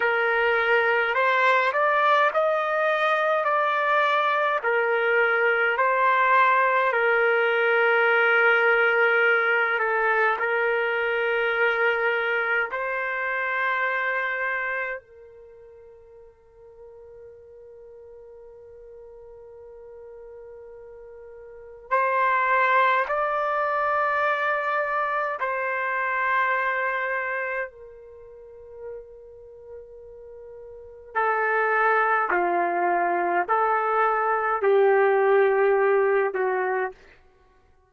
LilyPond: \new Staff \with { instrumentName = "trumpet" } { \time 4/4 \tempo 4 = 52 ais'4 c''8 d''8 dis''4 d''4 | ais'4 c''4 ais'2~ | ais'8 a'8 ais'2 c''4~ | c''4 ais'2.~ |
ais'2. c''4 | d''2 c''2 | ais'2. a'4 | f'4 a'4 g'4. fis'8 | }